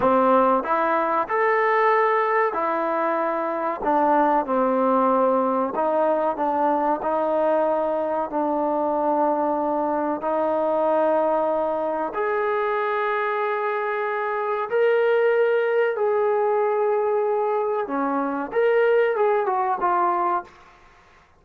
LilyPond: \new Staff \with { instrumentName = "trombone" } { \time 4/4 \tempo 4 = 94 c'4 e'4 a'2 | e'2 d'4 c'4~ | c'4 dis'4 d'4 dis'4~ | dis'4 d'2. |
dis'2. gis'4~ | gis'2. ais'4~ | ais'4 gis'2. | cis'4 ais'4 gis'8 fis'8 f'4 | }